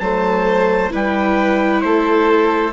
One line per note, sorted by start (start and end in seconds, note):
0.00 0.91 F#3
0.00 0.91 A3
0.00 0.93 C5
0.00 0.91 A5
0.91 1.84 G3
0.91 2.72 E4
0.91 1.84 B4
0.91 1.82 G5
1.82 2.73 A3
1.82 2.73 A4
1.82 2.73 C5